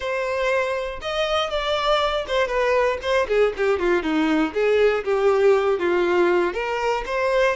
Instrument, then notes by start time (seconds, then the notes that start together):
violin
0.00 C5
1.01 D#5
1.50 D5
2.27 C5
2.47 B4
3.02 C5
3.28 G#4
3.57 G4
3.79 F4
4.02 D#4
4.53 G#4
5.04 G4
5.79 F4
6.53 A#4
7.06 C5